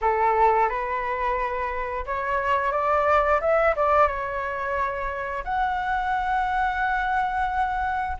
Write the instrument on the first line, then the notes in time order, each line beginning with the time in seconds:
flute
0.01 A4
0.68 B4
2.05 C#5
2.72 D5
3.40 E5
3.76 D5
4.07 C#5
5.44 F#5